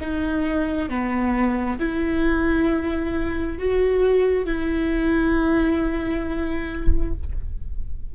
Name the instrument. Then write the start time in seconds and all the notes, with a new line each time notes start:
viola
0.00 D#4
0.89 B3
1.79 E4
3.58 F#4
4.45 E4